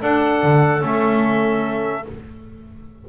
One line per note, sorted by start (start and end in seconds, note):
0.00 0.80 D4
0.00 0.43 D4
0.00 2.05 A4
0.00 0.85 F#5
0.43 0.82 D3
0.80 2.05 A3
0.80 2.03 C#4
0.80 2.09 E5